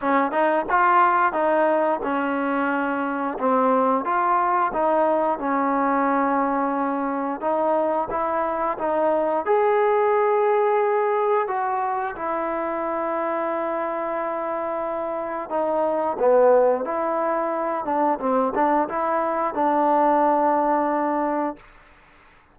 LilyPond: \new Staff \with { instrumentName = "trombone" } { \time 4/4 \tempo 4 = 89 cis'8 dis'8 f'4 dis'4 cis'4~ | cis'4 c'4 f'4 dis'4 | cis'2. dis'4 | e'4 dis'4 gis'2~ |
gis'4 fis'4 e'2~ | e'2. dis'4 | b4 e'4. d'8 c'8 d'8 | e'4 d'2. | }